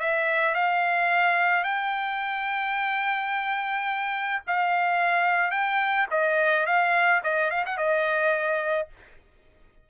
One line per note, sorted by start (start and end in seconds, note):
0.00 0.55 E5
0.55 1.64 F5
1.64 4.42 G5
4.47 5.51 F5
5.51 6.07 G5
6.11 6.66 D#5
6.66 7.22 F5
7.23 7.51 D#5
7.51 7.65 F5
7.66 7.78 F#5
7.78 8.89 D#5